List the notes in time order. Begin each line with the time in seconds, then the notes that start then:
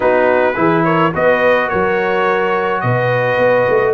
0.00 B3 D#4 F#4 B4
0.56 E3 E4 G#4
0.84 A#4 C#5
1.13 B3 F#4 B4 D#5
1.69 F#3 A#4 C#5
2.81 B2 B4 D#5
3.37 B3
3.69 A3